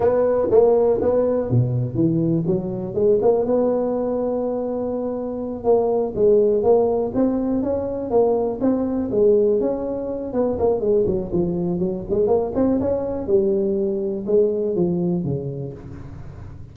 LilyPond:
\new Staff \with { instrumentName = "tuba" } { \time 4/4 \tempo 4 = 122 b4 ais4 b4 b,4 | e4 fis4 gis8 ais8 b4~ | b2.~ b8 ais8~ | ais8 gis4 ais4 c'4 cis'8~ |
cis'8 ais4 c'4 gis4 cis'8~ | cis'4 b8 ais8 gis8 fis8 f4 | fis8 gis8 ais8 c'8 cis'4 g4~ | g4 gis4 f4 cis4 | }